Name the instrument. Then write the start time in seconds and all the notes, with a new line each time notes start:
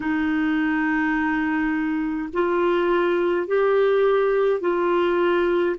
clarinet
0.00 D#4
2.33 F4
3.47 G4
4.60 F4